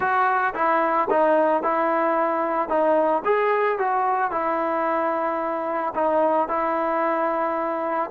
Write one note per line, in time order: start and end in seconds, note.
0.00 0.54 F#4
0.54 1.08 E4
1.10 1.62 D#4
1.62 2.68 E4
2.68 3.22 D#4
3.24 3.78 G#4
3.78 4.31 F#4
4.31 5.93 E4
5.94 6.48 D#4
6.48 8.10 E4